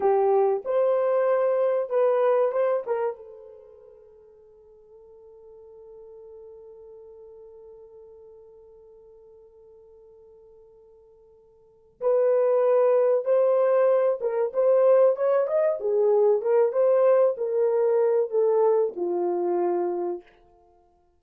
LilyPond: \new Staff \with { instrumentName = "horn" } { \time 4/4 \tempo 4 = 95 g'4 c''2 b'4 | c''8 ais'8 a'2.~ | a'1~ | a'1~ |
a'2. b'4~ | b'4 c''4. ais'8 c''4 | cis''8 dis''8 gis'4 ais'8 c''4 ais'8~ | ais'4 a'4 f'2 | }